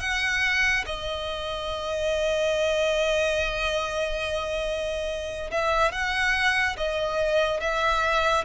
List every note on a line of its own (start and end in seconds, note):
0.00 0.85 F#5
0.86 5.50 D#5
5.51 5.92 E5
5.92 6.76 F#5
6.77 7.60 D#5
7.60 8.45 E5